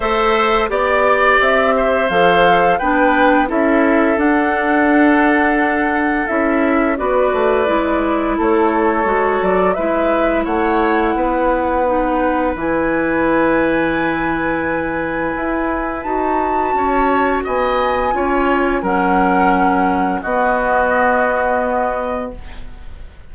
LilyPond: <<
  \new Staff \with { instrumentName = "flute" } { \time 4/4 \tempo 4 = 86 e''4 d''4 e''4 f''4 | g''4 e''4 fis''2~ | fis''4 e''4 d''2 | cis''4. d''8 e''4 fis''4~ |
fis''2 gis''2~ | gis''2. a''4~ | a''4 gis''2 fis''4~ | fis''4 dis''2. | }
  \new Staff \with { instrumentName = "oboe" } { \time 4/4 c''4 d''4. c''4. | b'4 a'2.~ | a'2 b'2 | a'2 b'4 cis''4 |
b'1~ | b'1 | cis''4 dis''4 cis''4 ais'4~ | ais'4 fis'2. | }
  \new Staff \with { instrumentName = "clarinet" } { \time 4/4 a'4 g'2 a'4 | d'4 e'4 d'2~ | d'4 e'4 fis'4 e'4~ | e'4 fis'4 e'2~ |
e'4 dis'4 e'2~ | e'2. fis'4~ | fis'2 f'4 cis'4~ | cis'4 b2. | }
  \new Staff \with { instrumentName = "bassoon" } { \time 4/4 a4 b4 c'4 f4 | b4 cis'4 d'2~ | d'4 cis'4 b8 a8 gis4 | a4 gis8 fis8 gis4 a4 |
b2 e2~ | e2 e'4 dis'4 | cis'4 b4 cis'4 fis4~ | fis4 b2. | }
>>